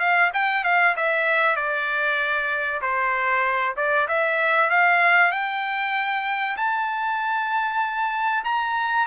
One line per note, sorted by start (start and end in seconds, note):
0.00 0.31 F5
0.34 0.64 G5
0.64 0.95 F5
0.97 1.56 E5
1.56 2.81 D5
2.82 3.76 C5
3.77 4.08 D5
4.08 4.70 E5
4.70 5.32 F5
5.32 6.57 G5
6.57 8.44 A5
8.45 9.07 A#5